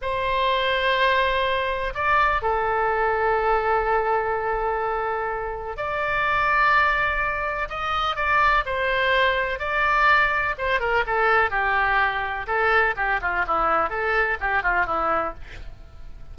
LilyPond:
\new Staff \with { instrumentName = "oboe" } { \time 4/4 \tempo 4 = 125 c''1 | d''4 a'2.~ | a'1 | d''1 |
dis''4 d''4 c''2 | d''2 c''8 ais'8 a'4 | g'2 a'4 g'8 f'8 | e'4 a'4 g'8 f'8 e'4 | }